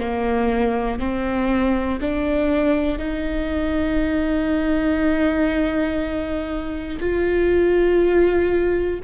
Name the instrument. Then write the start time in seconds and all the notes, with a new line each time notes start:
viola
0.00 A#3
0.99 C4
2.01 D4
2.99 D#4
7.00 F4